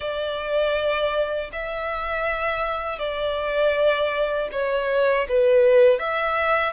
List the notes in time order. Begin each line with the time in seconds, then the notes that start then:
0.00 D5
1.52 E5
2.98 D5
4.52 C#5
5.28 B4
5.99 E5